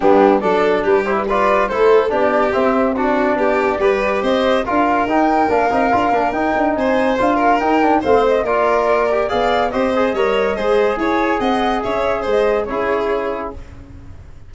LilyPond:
<<
  \new Staff \with { instrumentName = "flute" } { \time 4/4 \tempo 4 = 142 g'4 d''4 b'8 c''16 b'16 d''4 | c''4 d''4 e''4 d''4~ | d''2 dis''4 f''4 | g''4 f''2 g''4 |
gis''4 f''4 g''4 f''8 dis''8 | d''2 f''4 dis''4~ | dis''2 gis''4 fis''4 | e''4 dis''4 cis''2 | }
  \new Staff \with { instrumentName = "violin" } { \time 4/4 d'4 a'4 g'4 b'4 | a'4 g'2 fis'4 | g'4 b'4 c''4 ais'4~ | ais'1 |
c''4. ais'4. c''4 | ais'2 d''4 c''4 | cis''4 c''4 cis''4 dis''4 | cis''4 c''4 gis'2 | }
  \new Staff \with { instrumentName = "trombone" } { \time 4/4 b4 d'4. e'8 f'4 | e'4 d'4 c'4 d'4~ | d'4 g'2 f'4 | dis'4 d'8 dis'8 f'8 d'8 dis'4~ |
dis'4 f'4 dis'8 d'8 c'4 | f'4. g'8 gis'4 g'8 gis'8 | ais'4 gis'2.~ | gis'2 e'2 | }
  \new Staff \with { instrumentName = "tuba" } { \time 4/4 g4 fis4 g2 | a4 b4 c'2 | b4 g4 c'4 d'4 | dis'4 ais8 c'8 d'8 ais8 dis'8 d'8 |
c'4 d'4 dis'4 a4 | ais2 b4 c'4 | g4 gis4 e'4 c'4 | cis'4 gis4 cis'2 | }
>>